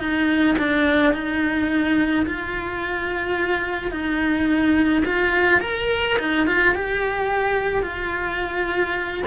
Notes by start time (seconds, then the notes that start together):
0.00 D#4
0.59 D4
1.14 D#4
2.26 F4
3.92 D#4
5.06 F4
5.62 A#4
6.19 D#4
6.47 F4
6.75 G4
7.84 F4